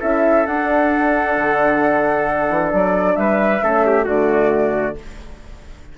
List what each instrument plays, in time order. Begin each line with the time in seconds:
0.00 bassoon C#4, horn E4, trumpet A4, flute E5
0.45 horn D4, bassoon D4, flute F#5
1.37 bassoon D3
2.49 bassoon E3
2.72 bassoon F#3, flute D5
3.16 bassoon G3, trumpet B4, flute E5
3.62 bassoon A3, horn C#4, trumpet A4
3.86 trumpet G4
4.05 bassoon D3, horn A3, trumpet F#4, flute D5